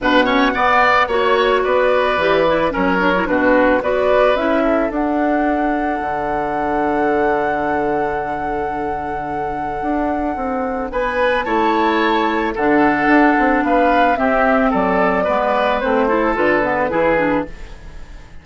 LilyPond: <<
  \new Staff \with { instrumentName = "flute" } { \time 4/4 \tempo 4 = 110 fis''2 cis''4 d''4~ | d''4 cis''4 b'4 d''4 | e''4 fis''2.~ | fis''1~ |
fis''1 | gis''4 a''2 fis''4~ | fis''4 f''4 e''4 d''4~ | d''4 c''4 b'2 | }
  \new Staff \with { instrumentName = "oboe" } { \time 4/4 b'8 cis''8 d''4 cis''4 b'4~ | b'4 ais'4 fis'4 b'4~ | b'8 a'2.~ a'8~ | a'1~ |
a'1 | b'4 cis''2 a'4~ | a'4 b'4 g'4 a'4 | b'4. a'4. gis'4 | }
  \new Staff \with { instrumentName = "clarinet" } { \time 4/4 d'8 cis'8 b4 fis'2 | g'8 e'8 cis'8 d'16 e'16 d'4 fis'4 | e'4 d'2.~ | d'1~ |
d'1~ | d'4 e'2 d'4~ | d'2 c'2 | b4 c'8 e'8 f'8 b8 e'8 d'8 | }
  \new Staff \with { instrumentName = "bassoon" } { \time 4/4 b,4 b4 ais4 b4 | e4 fis4 b,4 b4 | cis'4 d'2 d4~ | d1~ |
d2 d'4 c'4 | b4 a2 d4 | d'8 c'8 b4 c'4 fis4 | gis4 a4 d4 e4 | }
>>